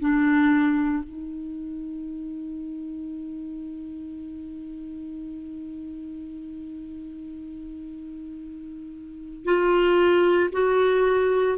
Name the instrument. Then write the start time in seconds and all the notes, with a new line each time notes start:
clarinet
0.00 D4
1.03 D#4
9.44 F4
10.52 F#4